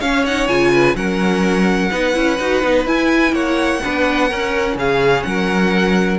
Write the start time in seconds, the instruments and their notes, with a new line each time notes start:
0.00 viola C#4, cello C#4, violin C#5 F5
0.26 viola D#4, violin F#5
0.48 cello C#3, viola F4, violin G#5
0.73 violin B4
0.95 cello F#3, viola C#4, violin A#4 F#5
1.91 cello B3, viola D#4, violin B4
2.13 cello C#4, viola E4
2.40 cello D#4, viola F#4
2.63 cello B3, viola D#4
2.86 cello E4, viola E4, violin G#5
3.32 cello A#3, violin C#5 F#5
3.84 cello B3, viola D4, violin B4
4.29 cello C#4, viola C#4, violin A#4
4.76 cello C#3, violin G#4 F5
5.23 cello F#3, violin A#4 F#5